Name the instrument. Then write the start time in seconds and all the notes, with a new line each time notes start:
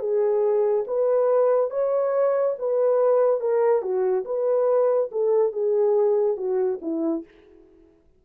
horn
0.00 G#4
0.88 B4
1.71 C#5
2.59 B4
3.41 A#4
3.82 F#4
4.25 B4
5.12 A4
5.53 G#4
6.37 F#4
6.82 E4